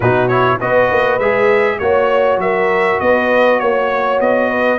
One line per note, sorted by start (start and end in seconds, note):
0.00 0.60 B2
0.00 0.30 D#4
0.00 0.58 F#4
0.00 0.28 B4
0.28 0.60 E4
0.28 0.58 C#5
0.59 0.90 B3
0.59 1.20 F#4
0.59 1.79 B4
0.59 1.19 D#5
0.90 1.19 A#3
1.19 1.79 G#3
1.19 1.80 G#4
1.19 1.78 E5
1.78 2.37 A#3
1.78 4.78 F#4
1.78 2.38 C#5
1.78 2.41 C#5
2.37 2.97 F#3
2.37 3.01 A#4
2.37 3.00 E5
3.00 3.60 B3
3.00 3.60 B4
3.00 3.59 D#5
3.59 4.20 A#3
3.59 4.19 C#5
3.59 4.49 C#5
4.20 4.78 B3
4.20 4.78 D#5
4.49 4.78 B4